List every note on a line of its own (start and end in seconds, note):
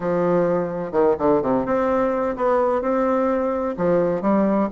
0.00 0.91 F3
0.91 1.15 D#3
1.18 1.41 D3
1.42 1.65 C3
1.65 2.36 C4
2.36 2.81 B3
2.81 3.75 C4
3.77 4.21 F3
4.21 4.68 G3